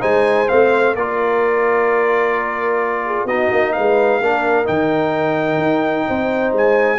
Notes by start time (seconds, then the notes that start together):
0.00 G#3 D#4 C5 G#5
0.49 A3 C4 F5
0.95 A#3 F4 A#4 D5
3.06 G#4
3.25 B3 D#4 F#4 D#5
3.52 A#3
3.73 G#3 B4 F5
4.21 A#3 D4 A#4
4.65 D#3 D#4 G5
5.58 D#4
6.08 C4 C5
6.53 G#3 G#5